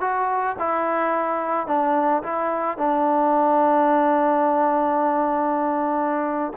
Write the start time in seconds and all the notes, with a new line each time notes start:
0.00 F#4
0.59 E4
1.67 D4
2.22 E4
2.77 D4